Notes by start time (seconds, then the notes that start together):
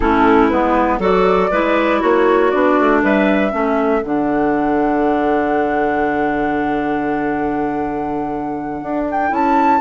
0.00 A3 C#4 E4 A4
0.49 G#3 B3 B4
0.98 F#3 F#4 A4 D5
1.50 G#3 E4 B4
2.00 A#3 F#4 C#5
2.50 B3 D4 D5
2.79 A3
3.02 G3 B4 E5
3.51 A3 C#4 A4
4.03 D3 D4 F#5
8.82 D4
9.11 G5
9.29 C#4 E4 A5